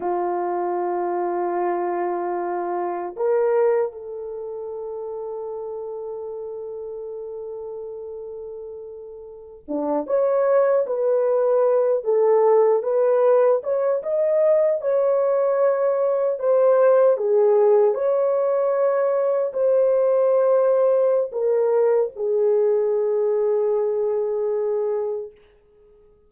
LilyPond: \new Staff \with { instrumentName = "horn" } { \time 4/4 \tempo 4 = 76 f'1 | ais'4 a'2.~ | a'1~ | a'16 d'8 cis''4 b'4. a'8.~ |
a'16 b'4 cis''8 dis''4 cis''4~ cis''16~ | cis''8. c''4 gis'4 cis''4~ cis''16~ | cis''8. c''2~ c''16 ais'4 | gis'1 | }